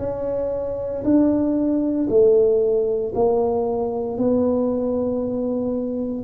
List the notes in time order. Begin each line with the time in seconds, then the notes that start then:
0.00 C#4
1.04 D4
2.10 A3
3.15 A#3
4.18 B3